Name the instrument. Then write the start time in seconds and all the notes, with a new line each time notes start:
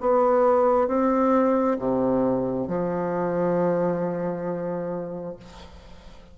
bassoon
0.00 B3
0.87 C4
1.79 C3
2.67 F3